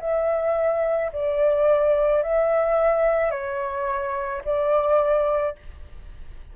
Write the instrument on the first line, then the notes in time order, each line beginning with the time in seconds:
flute
0.00 E5
1.12 D5
2.22 E5
3.30 C#5
4.44 D5